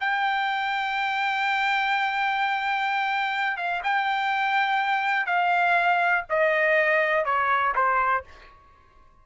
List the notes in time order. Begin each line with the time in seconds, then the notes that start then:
0.00 G5
3.57 F5
3.83 G5
5.26 F5
6.29 D#5
7.25 C#5
7.75 C5